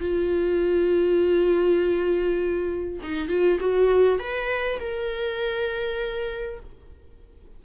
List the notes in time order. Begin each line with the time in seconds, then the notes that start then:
0.00 F4
3.03 D#4
3.29 F4
3.60 F#4
4.19 B4
4.80 A#4